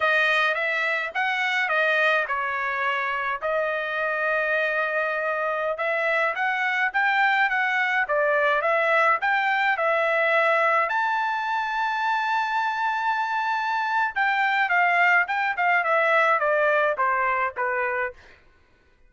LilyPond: \new Staff \with { instrumentName = "trumpet" } { \time 4/4 \tempo 4 = 106 dis''4 e''4 fis''4 dis''4 | cis''2 dis''2~ | dis''2~ dis''16 e''4 fis''8.~ | fis''16 g''4 fis''4 d''4 e''8.~ |
e''16 g''4 e''2 a''8.~ | a''1~ | a''4 g''4 f''4 g''8 f''8 | e''4 d''4 c''4 b'4 | }